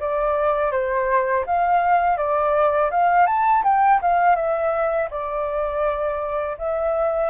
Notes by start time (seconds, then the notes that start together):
0.00 D5
0.72 C5
1.46 F5
2.18 D5
2.91 F5
3.27 A5
3.64 G5
4.02 F5
4.36 E5
5.11 D5
6.58 E5